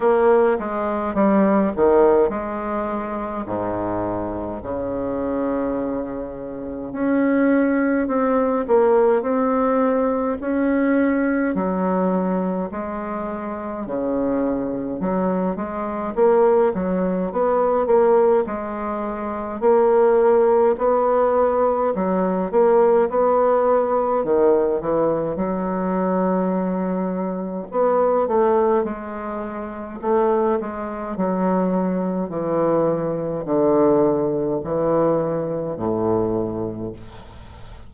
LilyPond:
\new Staff \with { instrumentName = "bassoon" } { \time 4/4 \tempo 4 = 52 ais8 gis8 g8 dis8 gis4 gis,4 | cis2 cis'4 c'8 ais8 | c'4 cis'4 fis4 gis4 | cis4 fis8 gis8 ais8 fis8 b8 ais8 |
gis4 ais4 b4 fis8 ais8 | b4 dis8 e8 fis2 | b8 a8 gis4 a8 gis8 fis4 | e4 d4 e4 a,4 | }